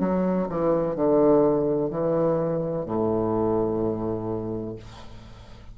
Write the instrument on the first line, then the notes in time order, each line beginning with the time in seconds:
bassoon
0.00 F#3
0.49 E3
0.95 D3
1.90 E3
2.85 A2